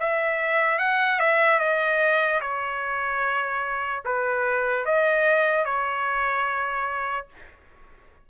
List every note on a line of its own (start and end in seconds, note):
0.00 0.79 E5
0.79 1.19 F#5
1.19 1.60 E5
1.60 2.41 D#5
2.41 4.03 C#5
4.05 4.85 B4
4.85 5.65 D#5
5.65 7.27 C#5